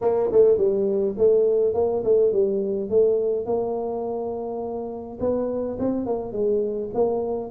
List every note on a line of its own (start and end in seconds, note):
0.01 0.29 A#3
0.32 0.57 A3
0.57 1.15 G3
1.17 1.74 A3
1.74 2.03 A#3
2.04 2.32 A3
2.32 2.89 G3
2.89 3.45 A3
3.45 5.18 A#3
5.20 5.77 B3
5.78 6.06 C4
6.06 6.32 A#3
6.32 6.90 G#3
6.94 7.50 A#3